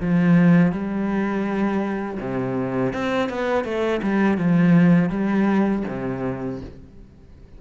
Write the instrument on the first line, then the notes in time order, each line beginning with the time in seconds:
cello
0.00 F3
0.72 G3
2.20 C3
2.93 C4
3.29 B3
3.64 A3
4.02 G3
4.37 F3
5.10 G3
5.88 C3